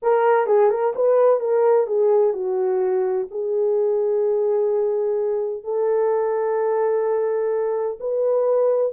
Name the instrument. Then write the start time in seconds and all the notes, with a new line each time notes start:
horn
0.02 A#4
0.46 G#4
0.69 A#4
0.95 B4
1.40 A#4
1.86 G#4
2.33 F#4
3.30 G#4
5.63 A4
7.99 B4